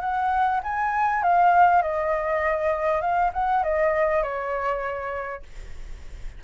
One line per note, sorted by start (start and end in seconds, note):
0.00 0.60 F#5
0.63 1.22 G#5
1.22 1.82 F5
1.82 3.01 D#5
3.01 3.31 F5
3.33 3.63 F#5
3.63 4.23 D#5
4.23 5.43 C#5